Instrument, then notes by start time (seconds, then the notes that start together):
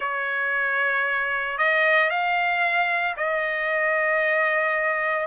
trumpet
0.00 C#5
1.57 D#5
2.10 F5
3.16 D#5